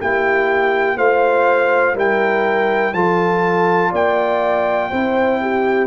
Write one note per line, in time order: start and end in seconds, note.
0.00 0.97 A#3
0.00 0.98 E4
0.00 0.97 G4
0.00 0.98 G5
0.97 1.95 A3
0.97 1.95 F4
0.97 1.95 C5
0.97 1.96 F5
1.95 2.93 G3
1.95 2.93 E4
1.95 2.93 A#4
1.95 2.94 G5
2.93 3.92 F3
2.93 4.92 F4
2.93 3.91 A4
2.93 3.92 A5
3.91 4.91 A#3
3.91 4.90 D5
3.91 5.87 G5
4.90 5.87 C4
4.90 5.87 E4
4.90 5.39 C5
5.41 5.87 G4